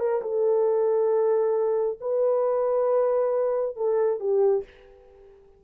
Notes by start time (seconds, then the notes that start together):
0.00 A#4
0.22 A4
2.01 B4
3.77 A4
4.20 G4